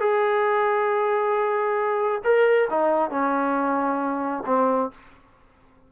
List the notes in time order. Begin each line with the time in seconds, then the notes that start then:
0.00 G#4
2.24 A#4
2.70 D#4
3.11 C#4
4.46 C4